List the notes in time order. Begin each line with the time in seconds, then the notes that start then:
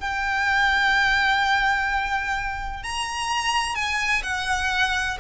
0.00 G5
2.83 A#5
3.75 G#5
4.23 F#5